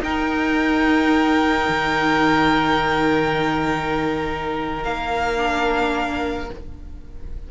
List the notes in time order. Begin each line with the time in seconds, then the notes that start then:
0.00 D#4 A#4 G5
1.68 D#3
4.83 A#3 F5
5.36 D4